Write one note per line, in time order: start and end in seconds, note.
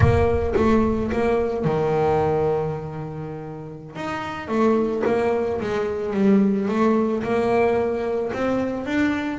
0.00 0.54 A#3
0.56 1.10 A3
1.12 1.64 A#3
1.64 3.95 D#3
3.95 4.48 D#4
4.48 5.02 A3
5.06 5.60 A#3
5.60 6.13 G#3
6.13 6.68 G3
6.68 7.22 A3
7.23 8.32 A#3
8.33 8.86 C4
8.86 9.39 D4